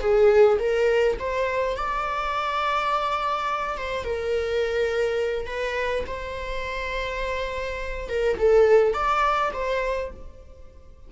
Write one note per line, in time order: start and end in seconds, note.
0.00 0.58 G#4
0.59 1.17 A#4
1.19 1.76 C5
1.76 3.77 D5
3.77 4.04 C5
4.04 5.46 A#4
5.46 6.04 B4
6.07 8.08 C5
8.08 8.37 A#4
8.38 8.93 A4
8.93 9.51 D5
9.53 10.11 C5